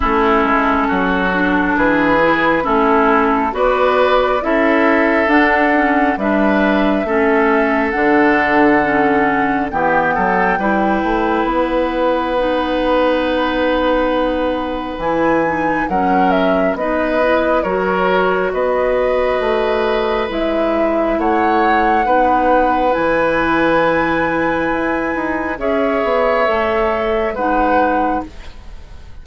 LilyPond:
<<
  \new Staff \with { instrumentName = "flute" } { \time 4/4 \tempo 4 = 68 a'2 b'4 a'4 | d''4 e''4 fis''4 e''4~ | e''4 fis''2 g''4~ | g''4 fis''2.~ |
fis''4 gis''4 fis''8 e''8 dis''4 | cis''4 dis''2 e''4 | fis''2 gis''2~ | gis''4 e''2 fis''4 | }
  \new Staff \with { instrumentName = "oboe" } { \time 4/4 e'4 fis'4 gis'4 e'4 | b'4 a'2 b'4 | a'2. g'8 a'8 | b'1~ |
b'2 ais'4 b'4 | ais'4 b'2. | cis''4 b'2.~ | b'4 cis''2 b'4 | }
  \new Staff \with { instrumentName = "clarinet" } { \time 4/4 cis'4. d'4 e'8 cis'4 | fis'4 e'4 d'8 cis'8 d'4 | cis'4 d'4 cis'4 b4 | e'2 dis'2~ |
dis'4 e'8 dis'8 cis'4 dis'8 e'8 | fis'2. e'4~ | e'4 dis'4 e'2~ | e'4 gis'4 a'4 dis'4 | }
  \new Staff \with { instrumentName = "bassoon" } { \time 4/4 a8 gis8 fis4 e4 a4 | b4 cis'4 d'4 g4 | a4 d2 e8 fis8 | g8 a8 b2.~ |
b4 e4 fis4 b4 | fis4 b4 a4 gis4 | a4 b4 e2 | e'8 dis'8 cis'8 b8 a4 gis4 | }
>>